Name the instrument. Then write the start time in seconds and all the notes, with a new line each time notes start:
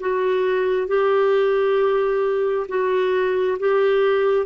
clarinet
0.00 F#4
0.88 G4
2.69 F#4
3.59 G4